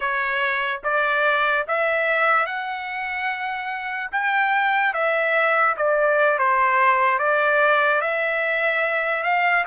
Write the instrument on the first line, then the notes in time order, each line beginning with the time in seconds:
trumpet
0.00 C#5
0.83 D5
1.67 E5
2.46 F#5
4.11 G5
4.93 E5
5.76 D5
6.38 C5
7.18 D5
8.01 E5
9.23 F5